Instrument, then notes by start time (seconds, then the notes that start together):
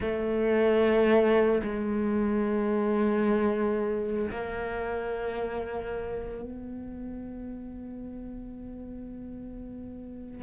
cello
0.00 A3
1.62 G#3
4.31 A#3
6.42 B3